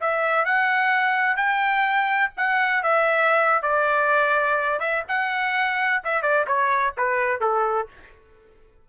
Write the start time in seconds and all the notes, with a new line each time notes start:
0.00 E5
0.44 F#5
1.36 G5
2.37 F#5
2.83 E5
3.62 D5
4.79 E5
5.08 F#5
6.04 E5
6.22 D5
6.47 C#5
6.97 B4
7.40 A4